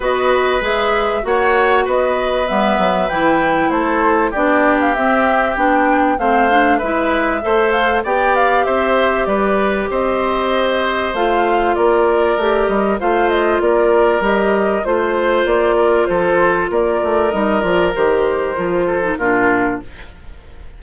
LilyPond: <<
  \new Staff \with { instrumentName = "flute" } { \time 4/4 \tempo 4 = 97 dis''4 e''4 fis''4 dis''4 | e''4 g''4 c''4 d''8. f''16 | e''4 g''4 f''4 e''4~ | e''8 f''8 g''8 f''8 e''4 d''4 |
dis''2 f''4 d''4~ | d''8 dis''8 f''8 dis''8 d''4 dis''4 | c''4 d''4 c''4 d''4 | dis''8 d''8 c''2 ais'4 | }
  \new Staff \with { instrumentName = "oboe" } { \time 4/4 b'2 cis''4 b'4~ | b'2 a'4 g'4~ | g'2 c''4 b'4 | c''4 d''4 c''4 b'4 |
c''2. ais'4~ | ais'4 c''4 ais'2 | c''4. ais'8 a'4 ais'4~ | ais'2~ ais'8 a'8 f'4 | }
  \new Staff \with { instrumentName = "clarinet" } { \time 4/4 fis'4 gis'4 fis'2 | b4 e'2 d'4 | c'4 d'4 c'8 d'8 e'4 | a'4 g'2.~ |
g'2 f'2 | g'4 f'2 g'4 | f'1 | dis'8 f'8 g'4 f'8. dis'16 d'4 | }
  \new Staff \with { instrumentName = "bassoon" } { \time 4/4 b4 gis4 ais4 b4 | g8 fis8 e4 a4 b4 | c'4 b4 a4 gis4 | a4 b4 c'4 g4 |
c'2 a4 ais4 | a8 g8 a4 ais4 g4 | a4 ais4 f4 ais8 a8 | g8 f8 dis4 f4 ais,4 | }
>>